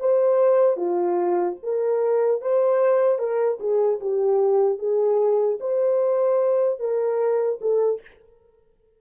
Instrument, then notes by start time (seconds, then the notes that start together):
horn
0.00 C5
0.77 F4
1.63 A#4
2.41 C5
3.19 A#4
3.60 G#4
4.00 G4
4.79 G#4
5.60 C5
6.80 A#4
7.61 A4